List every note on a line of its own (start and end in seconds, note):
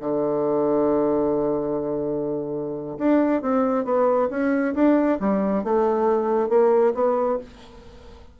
0.00 2.98 D3
2.98 3.42 D4
3.42 3.84 C4
3.84 4.29 B3
4.30 4.74 C#4
4.74 5.19 D4
5.20 5.64 G3
5.64 6.49 A3
6.49 6.93 A#3
6.94 7.38 B3